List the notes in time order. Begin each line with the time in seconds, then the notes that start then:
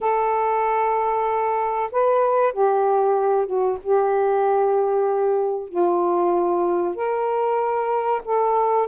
0.01 A4
1.91 B4
2.52 G4
3.46 F#4
3.82 G4
5.68 F4
6.95 A#4
8.24 A4